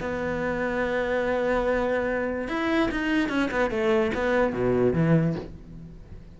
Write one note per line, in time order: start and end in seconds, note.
0.00 2.48 B3
2.48 2.89 E4
2.91 3.29 D#4
3.29 3.49 C#4
3.51 3.70 B3
3.70 4.12 A3
4.14 4.53 B3
4.53 4.93 B2
4.93 5.35 E3